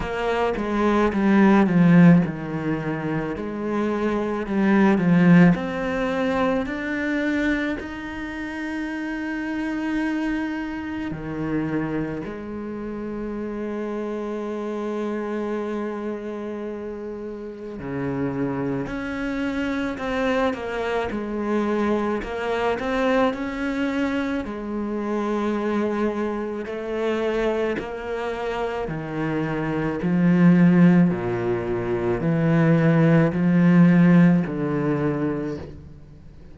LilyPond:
\new Staff \with { instrumentName = "cello" } { \time 4/4 \tempo 4 = 54 ais8 gis8 g8 f8 dis4 gis4 | g8 f8 c'4 d'4 dis'4~ | dis'2 dis4 gis4~ | gis1 |
cis4 cis'4 c'8 ais8 gis4 | ais8 c'8 cis'4 gis2 | a4 ais4 dis4 f4 | ais,4 e4 f4 d4 | }